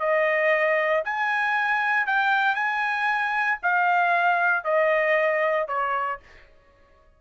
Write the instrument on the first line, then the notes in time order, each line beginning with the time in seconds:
trumpet
0.00 D#5
1.05 G#5
2.07 G5
2.55 G#5
3.63 F5
4.64 D#5
5.68 C#5